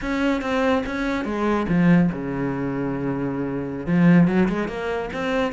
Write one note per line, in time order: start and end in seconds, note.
0.01 0.41 C#4
0.41 0.83 C4
0.86 1.24 C#4
1.24 1.66 G#3
1.68 2.09 F3
2.12 3.86 C#3
3.86 4.27 F3
4.27 4.48 F#3
4.48 4.68 G#3
4.68 5.09 A#3
5.13 5.52 C4